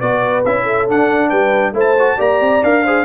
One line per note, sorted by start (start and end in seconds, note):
0.00 0.44 B3
0.00 0.45 F#4
0.00 0.63 B4
0.00 0.43 D5
0.45 0.89 C#4
0.45 0.88 E4
0.45 0.88 E5
0.63 1.28 A4
0.88 1.74 D4
0.88 1.32 D4
0.88 1.29 F#5
1.29 1.73 G3
1.29 1.73 B4
1.29 1.73 G5
1.73 2.16 A3
1.73 1.95 E4
1.73 2.17 C5
1.80 2.21 A5
1.99 2.18 F#4
2.17 2.41 A#3
2.17 2.61 G4
2.17 2.82 D5
2.17 2.64 A#5
2.41 2.62 C4
2.63 3.05 D4
2.63 2.85 A#4
2.63 3.05 F5
2.84 3.05 G#4
2.84 3.05 C5